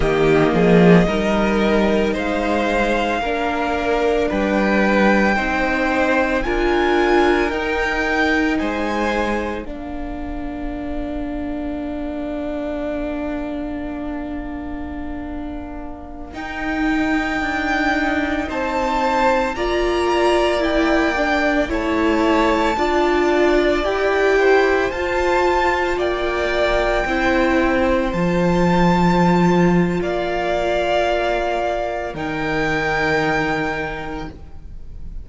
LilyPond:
<<
  \new Staff \with { instrumentName = "violin" } { \time 4/4 \tempo 4 = 56 dis''2 f''2 | g''2 gis''4 g''4 | gis''4 f''2.~ | f''2.~ f''16 g''8.~ |
g''4~ g''16 a''4 ais''4 g''8.~ | g''16 a''2 g''4 a''8.~ | a''16 g''2 a''4.~ a''16 | f''2 g''2 | }
  \new Staff \with { instrumentName = "violin" } { \time 4/4 g'8 gis'8 ais'4 c''4 ais'4 | b'4 c''4 ais'2 | c''4 ais'2.~ | ais'1~ |
ais'4~ ais'16 c''4 d''4.~ d''16~ | d''16 cis''4 d''4. c''4~ c''16~ | c''16 d''4 c''2~ c''8. | d''2 ais'2 | }
  \new Staff \with { instrumentName = "viola" } { \time 4/4 ais4 dis'2 d'4~ | d'4 dis'4 f'4 dis'4~ | dis'4 d'2.~ | d'2.~ d'16 dis'8.~ |
dis'2~ dis'16 f'4 e'8 d'16~ | d'16 e'4 f'4 g'4 f'8.~ | f'4~ f'16 e'4 f'4.~ f'16~ | f'2 dis'2 | }
  \new Staff \with { instrumentName = "cello" } { \time 4/4 dis8 f8 g4 gis4 ais4 | g4 c'4 d'4 dis'4 | gis4 ais2.~ | ais2.~ ais16 dis'8.~ |
dis'16 d'4 c'4 ais4.~ ais16~ | ais16 a4 d'4 e'4 f'8.~ | f'16 ais4 c'4 f4.~ f16 | ais2 dis2 | }
>>